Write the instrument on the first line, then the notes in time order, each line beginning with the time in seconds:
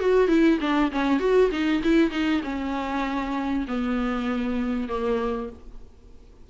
viola
0.00 F#4
0.28 E4
0.60 D4
0.92 C#4
1.20 F#4
1.51 D#4
1.83 E4
2.11 D#4
2.43 C#4
3.68 B3
4.88 A#3